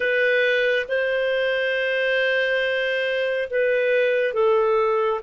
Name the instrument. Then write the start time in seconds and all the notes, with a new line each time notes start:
clarinet
0.00 B4
0.88 C5
3.49 B4
4.33 A4